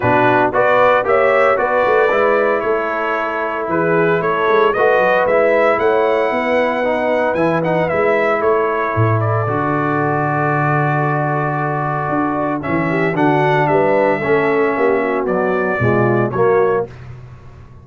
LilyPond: <<
  \new Staff \with { instrumentName = "trumpet" } { \time 4/4 \tempo 4 = 114 b'4 d''4 e''4 d''4~ | d''4 cis''2 b'4 | cis''4 dis''4 e''4 fis''4~ | fis''2 gis''8 fis''8 e''4 |
cis''4. d''2~ d''8~ | d''1 | e''4 fis''4 e''2~ | e''4 d''2 cis''4 | }
  \new Staff \with { instrumentName = "horn" } { \time 4/4 fis'4 b'4 cis''4 b'4~ | b'4 a'2 gis'4 | a'4 b'2 cis''4 | b'1 |
a'1~ | a'1~ | a'8 g'8 fis'4 b'4 a'4 | g'8 fis'4. f'4 fis'4 | }
  \new Staff \with { instrumentName = "trombone" } { \time 4/4 d'4 fis'4 g'4 fis'4 | e'1~ | e'4 fis'4 e'2~ | e'4 dis'4 e'8 dis'8 e'4~ |
e'2 fis'2~ | fis'1 | cis'4 d'2 cis'4~ | cis'4 fis4 gis4 ais4 | }
  \new Staff \with { instrumentName = "tuba" } { \time 4/4 b,4 b4 ais4 b8 a8 | gis4 a2 e4 | a8 gis8 a8 fis8 gis4 a4 | b2 e4 gis4 |
a4 a,4 d2~ | d2. d'4 | e4 d4 g4 a4 | ais4 b4 b,4 fis4 | }
>>